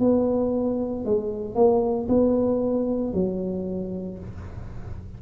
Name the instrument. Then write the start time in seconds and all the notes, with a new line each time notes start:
tuba
0.00 B3
1.05 G#3
1.55 A#3
2.09 B3
3.14 F#3